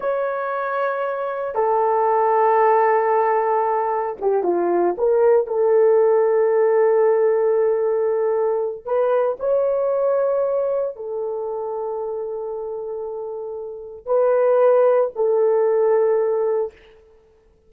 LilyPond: \new Staff \with { instrumentName = "horn" } { \time 4/4 \tempo 4 = 115 cis''2. a'4~ | a'1 | g'8 f'4 ais'4 a'4.~ | a'1~ |
a'4 b'4 cis''2~ | cis''4 a'2.~ | a'2. b'4~ | b'4 a'2. | }